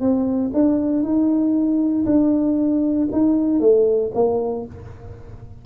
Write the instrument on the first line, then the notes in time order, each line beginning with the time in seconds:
tuba
0.00 C4
0.54 D4
1.03 D#4
2.06 D4
3.12 D#4
3.60 A3
4.15 A#3